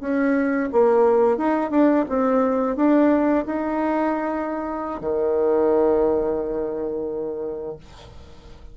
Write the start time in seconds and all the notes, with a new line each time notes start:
0.00 C#4
0.72 A#3
1.37 D#4
1.70 D4
2.08 C4
2.76 D4
3.45 D#4
5.00 D#3